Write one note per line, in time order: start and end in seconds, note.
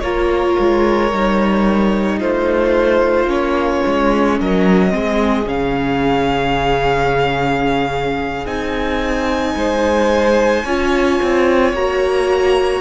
0.00 0.56 A#3
0.00 1.10 F4
0.00 2.18 A#4
0.00 2.18 C#5
0.59 1.12 G#3
1.12 2.20 G3
1.12 3.27 D#4
2.18 3.25 A3
2.18 4.36 F4
2.18 3.29 C5
3.25 3.80 A#3
3.25 4.90 C#4
3.25 4.38 C#5
3.86 4.40 G#3
4.40 4.93 F#3
4.40 4.94 A#4
4.40 5.48 D#5
4.90 5.45 G#3
4.90 5.45 C4
4.90 9.57 G#4
5.45 8.45 C#3
5.45 8.45 C#4
5.45 8.46 F5
8.45 9.54 C4
8.45 10.63 D#4
8.45 11.73 G#5
9.55 10.64 G#3
9.55 10.64 C5
10.64 11.20 C#4
10.64 11.76 F4
10.64 12.80 C#5
11.22 11.72 C4
11.72 12.80 A#3
11.72 12.80 F#4
11.72 12.80 A#5